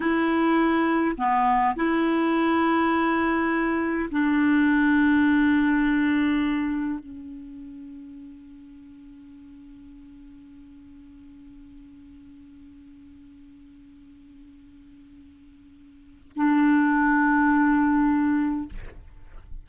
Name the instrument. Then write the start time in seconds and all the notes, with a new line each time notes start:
clarinet
0.00 E4
1.17 B3
1.76 E4
4.11 D4
6.99 C#4
16.36 D4